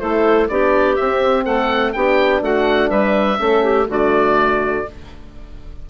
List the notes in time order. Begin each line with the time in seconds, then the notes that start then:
0.00 A3 E4 A4 C5
0.49 B3 D4 G4 D5
0.96 C4 E5
1.45 A3 A4 F#5
1.93 B3 D4 G4 G5
2.42 A3 F#4 F#5
2.89 G3 B4 E5
3.37 A3 C#4 A4
3.64 G4
3.87 D3 A3 F#4 D5